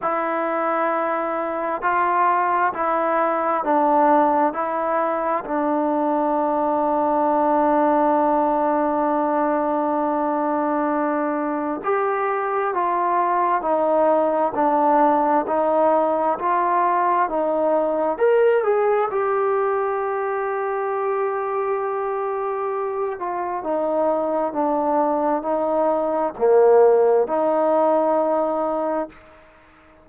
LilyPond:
\new Staff \with { instrumentName = "trombone" } { \time 4/4 \tempo 4 = 66 e'2 f'4 e'4 | d'4 e'4 d'2~ | d'1~ | d'4 g'4 f'4 dis'4 |
d'4 dis'4 f'4 dis'4 | ais'8 gis'8 g'2.~ | g'4. f'8 dis'4 d'4 | dis'4 ais4 dis'2 | }